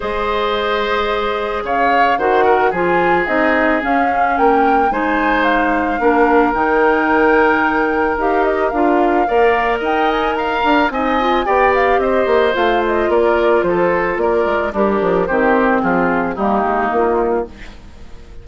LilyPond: <<
  \new Staff \with { instrumentName = "flute" } { \time 4/4 \tempo 4 = 110 dis''2. f''4 | fis''4 gis''4 dis''4 f''4 | g''4 gis''4 f''2 | g''2. f''8 dis''8 |
f''2 g''8 gis''8 ais''4 | gis''4 g''8 f''8 dis''4 f''8 dis''8 | d''4 c''4 d''4 ais'4 | c''4 gis'4 g'4 f'4 | }
  \new Staff \with { instrumentName = "oboe" } { \time 4/4 c''2. cis''4 | c''8 ais'8 gis'2. | ais'4 c''2 ais'4~ | ais'1~ |
ais'4 d''4 dis''4 f''4 | dis''4 d''4 c''2 | ais'4 a'4 ais'4 d'4 | g'4 f'4 dis'2 | }
  \new Staff \with { instrumentName = "clarinet" } { \time 4/4 gis'1 | fis'4 f'4 dis'4 cis'4~ | cis'4 dis'2 d'4 | dis'2. g'4 |
f'4 ais'2. | dis'8 f'8 g'2 f'4~ | f'2. g'4 | c'2 ais2 | }
  \new Staff \with { instrumentName = "bassoon" } { \time 4/4 gis2. cis4 | dis4 f4 c'4 cis'4 | ais4 gis2 ais4 | dis2. dis'4 |
d'4 ais4 dis'4. d'8 | c'4 b4 c'8 ais8 a4 | ais4 f4 ais8 gis8 g8 f8 | dis4 f4 g8 gis8 ais4 | }
>>